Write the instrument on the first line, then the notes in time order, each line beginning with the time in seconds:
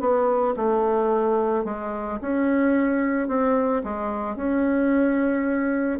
bassoon
0.00 B3
0.56 A3
1.64 G#3
2.21 C#4
3.28 C4
3.84 G#3
4.36 C#4